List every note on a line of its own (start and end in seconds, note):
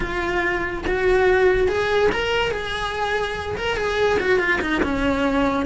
0.00 0.84 F4
0.87 1.68 F#4
1.68 2.10 G#4
2.12 2.51 A#4
2.51 3.56 G#4
3.56 3.76 A#4
3.76 4.18 G#4
4.19 4.39 F#4
4.39 4.60 F4
4.61 4.82 D#4
4.83 5.66 C#4